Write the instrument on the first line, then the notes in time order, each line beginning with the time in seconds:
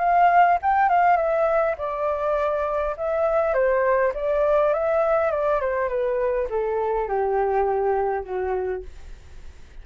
flute
0.00 F5
0.63 G5
0.90 F5
1.17 E5
1.78 D5
2.98 E5
3.54 C5
4.15 D5
4.74 E5
5.32 D5
5.61 C5
5.89 B4
6.50 A4
7.09 G4
8.24 F#4